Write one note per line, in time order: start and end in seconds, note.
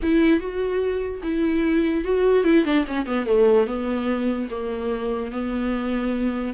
0.02 0.40 E4
0.40 1.21 F#4
1.22 2.04 E4
2.04 2.44 F#4
2.44 2.64 E4
2.64 2.85 D4
2.87 3.05 C#4
3.05 3.25 B3
3.25 3.66 A3
3.66 4.48 B3
4.50 5.31 A#3
5.31 6.53 B3